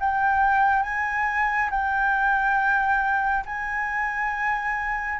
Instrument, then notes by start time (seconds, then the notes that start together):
flute
0.00 G5
0.83 G#5
1.70 G5
3.45 G#5